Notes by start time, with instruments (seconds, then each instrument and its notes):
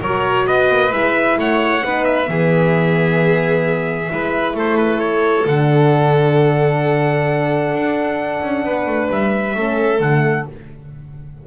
0.00 double bass F#3, horn F#4, violin A#4, trumpet C#5
0.47 double bass B3, violin B4, trumpet D#5
0.69 double bass A#3
0.91 double bass G#3, horn E4, trumpet E5
1.37 double bass A3, violin C#5, trumpet F#5
1.82 double bass B3, horn D#4, violin B4
2.04 trumpet E5
2.26 double bass E3, horn B3, violin G#4
4.09 double bass G#3, horn E4, violin B4
4.54 double bass A3, violin A4, trumpet C5
4.77 trumpet B4
5.00 trumpet C#5
5.46 double bass D3, horn D4, trumpet F#5
7.73 double bass D4
8.42 double bass C#4
8.64 double bass B3, violin B4
8.86 double bass A3
9.10 double bass G3, trumpet E5
9.55 double bass A3, horn C#4, violin A4
10.00 double bass D3, horn A3, trumpet F#5